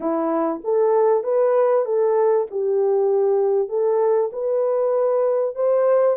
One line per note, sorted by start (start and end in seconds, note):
0.00 0.61 E4
0.64 1.23 A4
1.23 1.85 B4
1.85 2.47 A4
2.51 3.68 G4
3.68 4.30 A4
4.32 5.55 B4
5.55 6.17 C5